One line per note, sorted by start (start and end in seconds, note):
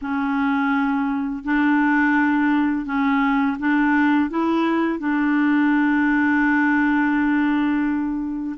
0.01 1.44 C#4
1.44 2.85 D4
2.85 3.57 C#4
3.59 4.30 D4
4.30 4.99 E4
4.99 8.56 D4